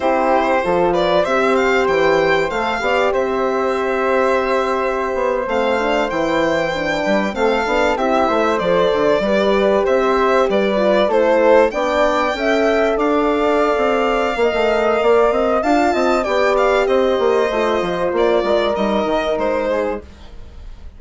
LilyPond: <<
  \new Staff \with { instrumentName = "violin" } { \time 4/4 \tempo 4 = 96 c''4. d''8 e''8 f''8 g''4 | f''4 e''2.~ | e''8. f''4 g''2 f''16~ | f''8. e''4 d''2 e''16~ |
e''8. d''4 c''4 g''4~ g''16~ | g''8. f''2.~ f''16~ | f''4 a''4 g''8 f''8 dis''4~ | dis''4 d''4 dis''4 c''4 | }
  \new Staff \with { instrumentName = "flute" } { \time 4/4 g'4 a'8 b'8 c''2~ | c''8 d''8 c''2.~ | c''2.~ c''16 b'8 a'16~ | a'8. g'8 c''4. b'4 c''16~ |
c''8. b'4 a'4 d''4 e''16~ | e''8. d''2~ d''16 dis''4 | d''8 dis''8 f''8 dis''8 d''4 c''4~ | c''4. ais'2 gis'8 | }
  \new Staff \with { instrumentName = "horn" } { \time 4/4 e'4 f'4 g'2 | a'8 g'2.~ g'8~ | g'8. c'8 d'8 e'4 d'4 c'16~ | c'16 d'8 e'4 a'4 g'4~ g'16~ |
g'4~ g'16 f'8 e'4 d'4 a'16~ | a'2. ais'4~ | ais'4 f'4 g'2 | f'2 dis'2 | }
  \new Staff \with { instrumentName = "bassoon" } { \time 4/4 c'4 f4 c'4 e4 | a8 b8 c'2.~ | c'16 b8 a4 e4. g8 a16~ | a16 b8 c'8 a8 f8 d8 g4 c'16~ |
c'8. g4 a4 b4 cis'16~ | cis'8. d'4~ d'16 c'4 ais16 a8. | ais8 c'8 d'8 c'8 b4 c'8 ais8 | a8 f8 ais8 gis8 g8 dis8 gis4 | }
>>